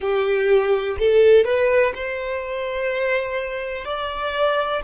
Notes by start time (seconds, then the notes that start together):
0.00 G4
0.99 A4
1.44 B4
1.94 C5
3.84 D5